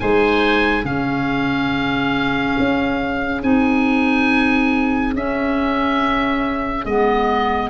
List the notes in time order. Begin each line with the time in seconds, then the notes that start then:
0.00 G#3 D#4 C5 G#5
0.83 C#3 C#4 G#4 F5
2.59 C#4
3.42 C4 D#4 G#5
5.14 C#4 E5
6.85 G#3 B3 D#5